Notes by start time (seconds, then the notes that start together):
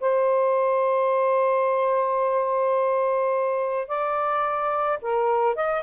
0.00 C5
3.87 D5
5.02 A#4
5.55 D#5